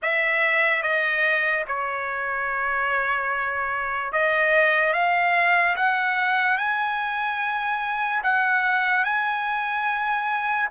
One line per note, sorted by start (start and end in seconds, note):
0.02 0.82 E5
0.82 1.64 D#5
1.67 4.12 C#5
4.12 4.93 D#5
4.93 5.75 F5
5.76 6.58 F#5
6.58 8.22 G#5
8.23 9.04 F#5
9.04 10.68 G#5